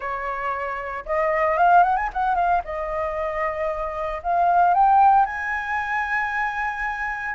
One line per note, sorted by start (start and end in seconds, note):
0.00 1.04 C#5
1.05 1.57 D#5
1.57 1.83 F5
1.83 1.96 F#5
1.96 2.09 G#5
2.13 2.35 F#5
2.35 2.61 F5
2.64 4.22 D#5
4.22 4.74 F5
4.74 5.25 G5
5.25 7.35 G#5